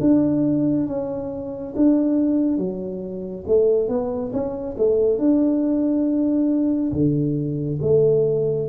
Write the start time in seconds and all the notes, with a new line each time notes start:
0.00 D4
0.87 C#4
1.75 D4
2.57 F#3
3.47 A3
3.88 B3
4.32 C#4
4.77 A3
5.18 D4
6.92 D3
7.81 A3